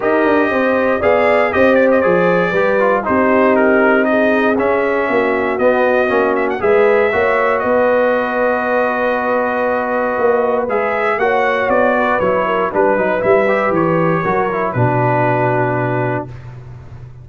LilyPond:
<<
  \new Staff \with { instrumentName = "trumpet" } { \time 4/4 \tempo 4 = 118 dis''2 f''4 dis''8 d''16 dis''16 | d''2 c''4 ais'4 | dis''4 e''2 dis''4~ | dis''8 e''16 fis''16 e''2 dis''4~ |
dis''1~ | dis''4 e''4 fis''4 d''4 | cis''4 b'4 e''4 cis''4~ | cis''4 b'2. | }
  \new Staff \with { instrumentName = "horn" } { \time 4/4 ais'4 c''4 d''4 c''4~ | c''4 b'4 g'2 | gis'2 fis'2~ | fis'4 b'4 cis''4 b'4~ |
b'1~ | b'2 cis''4. b'8~ | b'8 ais'8 b'2. | ais'4 fis'2. | }
  \new Staff \with { instrumentName = "trombone" } { \time 4/4 g'2 gis'4 g'4 | gis'4 g'8 f'8 dis'2~ | dis'4 cis'2 b4 | cis'4 gis'4 fis'2~ |
fis'1~ | fis'4 gis'4 fis'2 | e'4 d'8 dis'8 e'8 g'4. | fis'8 e'8 d'2. | }
  \new Staff \with { instrumentName = "tuba" } { \time 4/4 dis'8 d'8 c'4 b4 c'4 | f4 g4 c'2~ | c'4 cis'4 ais4 b4 | ais4 gis4 ais4 b4~ |
b1 | ais4 gis4 ais4 b4 | fis4 g8 fis8 g4 e4 | fis4 b,2. | }
>>